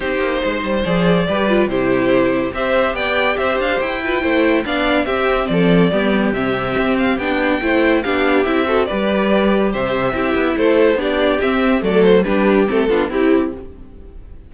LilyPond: <<
  \new Staff \with { instrumentName = "violin" } { \time 4/4 \tempo 4 = 142 c''2 d''2 | c''2 e''4 g''4 | e''8 f''8 g''2 f''4 | e''4 d''2 e''4~ |
e''8 f''8 g''2 f''4 | e''4 d''2 e''4~ | e''4 c''4 d''4 e''4 | d''8 c''8 b'4 a'4 g'4 | }
  \new Staff \with { instrumentName = "violin" } { \time 4/4 g'4 c''2 b'4 | g'2 c''4 d''4 | c''4. b'8 c''4 d''4 | g'4 a'4 g'2~ |
g'2 c''4 g'4~ | g'8 a'8 b'2 c''4 | g'4 a'4 g'2 | a'4 g'4. f'8 e'4 | }
  \new Staff \with { instrumentName = "viola" } { \time 4/4 dis'2 gis'4 g'8 f'8 | e'2 g'2~ | g'4. f'8 e'4 d'4 | c'2 b4 c'4~ |
c'4 d'4 e'4 d'4 | e'8 fis'8 g'2. | e'2 d'4 c'4 | a4 d'4 c'8 d'8 e'4 | }
  \new Staff \with { instrumentName = "cello" } { \time 4/4 c'8 ais8 gis8 g8 f4 g4 | c2 c'4 b4 | c'8 d'8 e'4 a4 b4 | c'4 f4 g4 c4 |
c'4 b4 a4 b4 | c'4 g2 c4 | c'8 b8 a4 b4 c'4 | fis4 g4 a8 b8 c'4 | }
>>